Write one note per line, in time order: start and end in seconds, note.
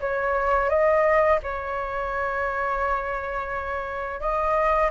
0.00 0.69 C#5
0.69 1.39 D#5
1.43 4.20 C#5
4.20 4.90 D#5